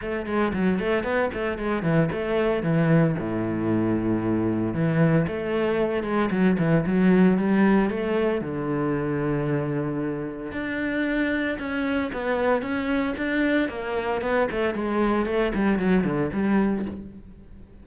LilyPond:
\new Staff \with { instrumentName = "cello" } { \time 4/4 \tempo 4 = 114 a8 gis8 fis8 a8 b8 a8 gis8 e8 | a4 e4 a,2~ | a,4 e4 a4. gis8 | fis8 e8 fis4 g4 a4 |
d1 | d'2 cis'4 b4 | cis'4 d'4 ais4 b8 a8 | gis4 a8 g8 fis8 d8 g4 | }